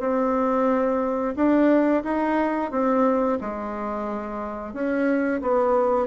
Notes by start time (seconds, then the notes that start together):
0.00 C4
1.36 D4
2.04 D#4
2.71 C4
3.41 G#3
4.74 C#4
5.42 B3